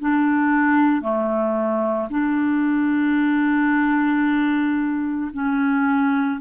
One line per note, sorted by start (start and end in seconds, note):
0.00 1.02 D4
1.02 2.09 A3
2.10 5.31 D4
5.33 6.40 C#4